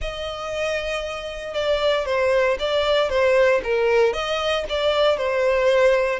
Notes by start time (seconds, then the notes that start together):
0.01 D#5
1.54 D5
2.05 C5
2.59 D5
3.09 C5
3.63 A#4
4.13 D#5
4.69 D5
5.17 C5